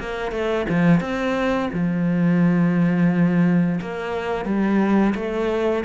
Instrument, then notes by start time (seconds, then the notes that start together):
cello
0.00 A#3
0.32 A3
0.70 F3
1.01 C4
1.74 F3
3.82 A#3
4.45 G3
5.16 A3